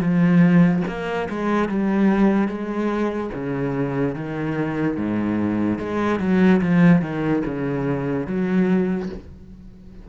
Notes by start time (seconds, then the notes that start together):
0.00 F3
0.87 A#3
1.29 G#3
1.68 G3
2.48 G#3
3.34 C#3
4.15 D#3
4.97 G#2
5.79 G#3
6.19 F#3
6.61 F3
7.01 D#3
7.45 C#3
8.26 F#3